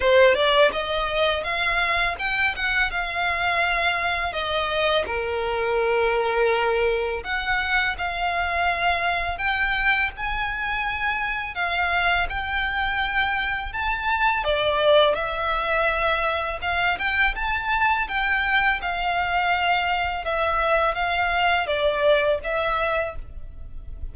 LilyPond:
\new Staff \with { instrumentName = "violin" } { \time 4/4 \tempo 4 = 83 c''8 d''8 dis''4 f''4 g''8 fis''8 | f''2 dis''4 ais'4~ | ais'2 fis''4 f''4~ | f''4 g''4 gis''2 |
f''4 g''2 a''4 | d''4 e''2 f''8 g''8 | a''4 g''4 f''2 | e''4 f''4 d''4 e''4 | }